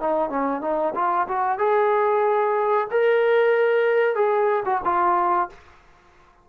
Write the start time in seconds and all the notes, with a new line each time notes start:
0.00 D#4
0.30 C#4
0.61 D#4
0.95 F4
1.28 F#4
1.58 G#4
2.91 A#4
4.15 G#4
4.65 F#4
4.84 F4